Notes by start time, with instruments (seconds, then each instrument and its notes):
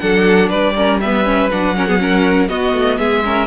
0.00 cello F#3, viola D4, violin A4 F#5
0.49 cello G3, violin B4 D5
0.76 viola C#4, violin A#4
1.01 viola B3, violin B4 E5
1.25 viola C#4
1.52 cello F#3, viola D4, violin F#5
1.76 viola C#4, violin A#4
1.88 viola B3, violin G#4
1.98 viola C#4, violin A#4
2.49 cello B3, viola B3, violin F#4 D#5
2.73 cello A3
2.98 cello G#3, violin G#4 E5
3.24 viola C#4, violin A#4